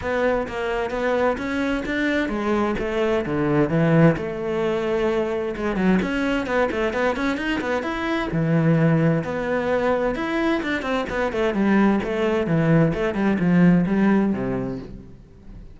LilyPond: \new Staff \with { instrumentName = "cello" } { \time 4/4 \tempo 4 = 130 b4 ais4 b4 cis'4 | d'4 gis4 a4 d4 | e4 a2. | gis8 fis8 cis'4 b8 a8 b8 cis'8 |
dis'8 b8 e'4 e2 | b2 e'4 d'8 c'8 | b8 a8 g4 a4 e4 | a8 g8 f4 g4 c4 | }